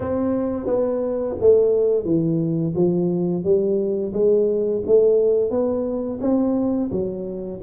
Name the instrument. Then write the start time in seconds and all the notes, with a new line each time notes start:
tuba
0.00 C4
0.66 B3
1.40 A3
2.04 E3
2.75 F3
3.44 G3
4.13 G#3
4.86 A3
5.50 B3
6.21 C4
6.91 F#3